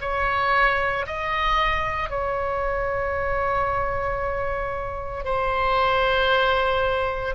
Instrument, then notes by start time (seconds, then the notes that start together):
oboe
0.00 C#5
1.06 D#5
2.10 C#5
5.24 C5